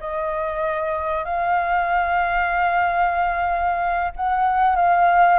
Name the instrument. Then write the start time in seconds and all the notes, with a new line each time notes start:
flute
0.00 D#5
1.24 F5
4.16 F#5
4.76 F5